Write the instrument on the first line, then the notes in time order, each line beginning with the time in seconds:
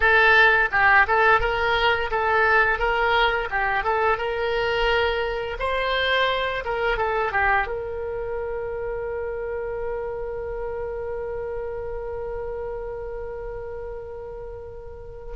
oboe
0.00 A4
0.71 G4
1.07 A4
1.40 A#4
2.11 A4
2.78 A#4
3.50 G4
3.83 A4
4.17 A#4
5.59 C5
6.64 A#4
6.97 A4
7.32 G4
7.66 A#4